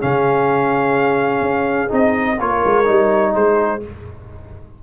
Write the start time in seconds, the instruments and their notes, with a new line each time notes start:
0.00 tuba C#3, trombone C#4, horn G#4, trumpet F5
1.41 tuba C#4
1.88 tuba C4, trombone D#4, trumpet D#5
2.38 tuba A#3, trombone F4, horn A#4, trumpet C#5
2.65 tuba G#3
2.85 tuba G3, trombone D#4
3.33 tuba G#3, horn G#4, trumpet C5